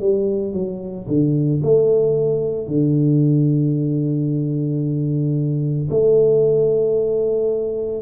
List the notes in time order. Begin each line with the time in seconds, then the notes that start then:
0.00 G3
0.53 F#3
1.08 D3
1.63 A3
2.68 D3
5.90 A3